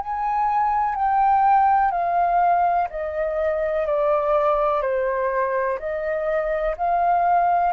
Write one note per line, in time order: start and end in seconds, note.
0.00 0.95 G#5
0.95 1.91 G5
1.91 2.88 F5
2.89 3.86 D#5
3.86 4.81 D5
4.81 5.78 C5
5.78 6.75 D#5
6.77 7.72 F5